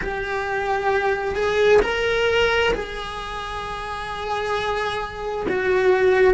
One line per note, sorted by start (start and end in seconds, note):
0.01 1.35 G4
1.35 1.80 G#4
1.82 2.73 A#4
2.73 5.46 G#4
5.48 6.33 F#4